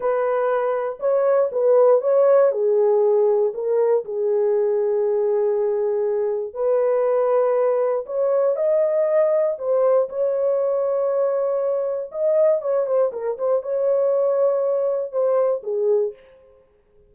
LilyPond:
\new Staff \with { instrumentName = "horn" } { \time 4/4 \tempo 4 = 119 b'2 cis''4 b'4 | cis''4 gis'2 ais'4 | gis'1~ | gis'4 b'2. |
cis''4 dis''2 c''4 | cis''1 | dis''4 cis''8 c''8 ais'8 c''8 cis''4~ | cis''2 c''4 gis'4 | }